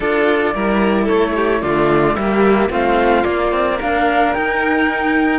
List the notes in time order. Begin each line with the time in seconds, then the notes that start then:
0.00 D4 F4 A4 D5
0.54 G3 E4 A#4
1.04 A3 A4 C#5
1.35 G4
1.61 D3 A3 F4 D5
2.14 G3 A#3 G4 E5
2.69 A3 C4 F4 F5
3.24 A#3 D5
3.52 C4
3.77 D4 A#4 F5
4.33 D#4 G5